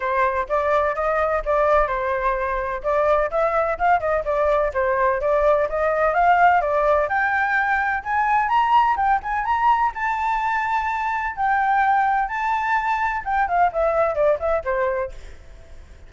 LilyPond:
\new Staff \with { instrumentName = "flute" } { \time 4/4 \tempo 4 = 127 c''4 d''4 dis''4 d''4 | c''2 d''4 e''4 | f''8 dis''8 d''4 c''4 d''4 | dis''4 f''4 d''4 g''4~ |
g''4 gis''4 ais''4 g''8 gis''8 | ais''4 a''2. | g''2 a''2 | g''8 f''8 e''4 d''8 e''8 c''4 | }